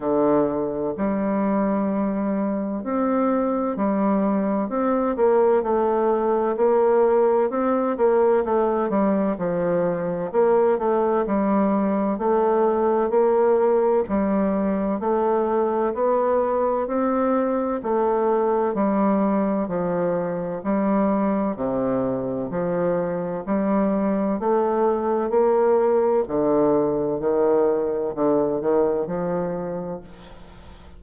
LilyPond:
\new Staff \with { instrumentName = "bassoon" } { \time 4/4 \tempo 4 = 64 d4 g2 c'4 | g4 c'8 ais8 a4 ais4 | c'8 ais8 a8 g8 f4 ais8 a8 | g4 a4 ais4 g4 |
a4 b4 c'4 a4 | g4 f4 g4 c4 | f4 g4 a4 ais4 | d4 dis4 d8 dis8 f4 | }